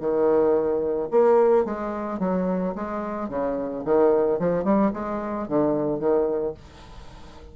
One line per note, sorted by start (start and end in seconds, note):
0.00 1.09 D#3
1.11 1.65 A#3
1.65 2.19 G#3
2.19 2.74 F#3
2.75 3.29 G#3
3.29 3.84 C#3
3.85 4.39 D#3
4.39 4.64 F3
4.64 4.91 G3
4.94 5.48 G#3
5.48 6.00 D3
6.00 6.54 D#3